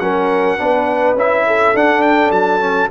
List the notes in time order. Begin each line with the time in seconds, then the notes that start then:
0.00 F#3 C#4 A#4 F#5
0.58 B3 D4 B4
1.15 C#4 E4 E5
1.48 A4
1.75 D4 F#5
2.02 G5
2.31 F#3 A5
2.60 C#4